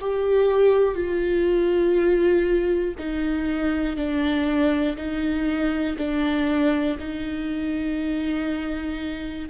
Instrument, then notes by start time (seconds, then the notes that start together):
viola
0.00 G4
0.95 F4
2.98 D#4
3.96 D4
4.97 D#4
5.97 D4
6.99 D#4